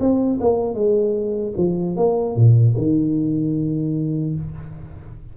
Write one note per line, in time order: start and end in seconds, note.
0.00 0.39 C4
0.41 0.75 A#3
0.75 1.54 G#3
1.58 1.97 F3
1.97 2.36 A#3
2.36 2.76 A#2
2.78 4.36 D#3